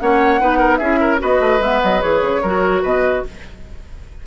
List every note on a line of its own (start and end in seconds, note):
0.00 0.41 A#3
0.00 0.40 C#4
0.00 0.41 C#5
0.00 0.76 F#5
0.40 0.80 B3
0.40 0.80 D#4
0.40 0.58 B4
0.58 0.78 A#4
0.76 1.20 C#4
0.76 1.18 E4
0.76 0.99 G#4
0.76 1.17 E5
1.00 1.21 A#4
1.18 1.40 B3
1.18 1.59 F#4
1.18 2.42 B4
1.18 1.62 D#5
1.40 1.60 A3
1.60 1.80 G#3
1.60 2.01 B3
1.60 1.82 E5
1.82 2.04 F#3
1.82 2.02 D#5
2.01 2.21 E3
2.01 2.41 G#4
2.01 2.83 C#5
2.21 2.41 C#3
2.42 2.83 F#3
2.42 3.26 F#4
2.42 2.82 A#4
2.82 3.24 B2
2.82 3.23 B4
2.82 3.25 D#5